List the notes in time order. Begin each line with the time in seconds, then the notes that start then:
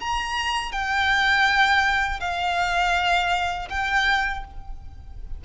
0.00 A#5
0.72 G5
2.20 F5
3.70 G5